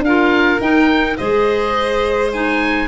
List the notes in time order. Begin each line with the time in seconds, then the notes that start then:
0.00 D4 F4 A#4 F5
0.60 D#4 G5
1.17 G#3 G#4 C5 D#5
2.33 D#4 G#5